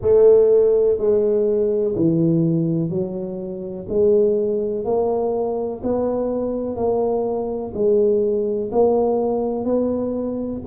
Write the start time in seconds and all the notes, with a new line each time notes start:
0.01 A3
0.98 G#3
1.95 E3
2.89 F#3
3.88 G#3
4.84 A#3
5.83 B3
6.75 A#3
7.74 G#3
8.71 A#3
9.64 B3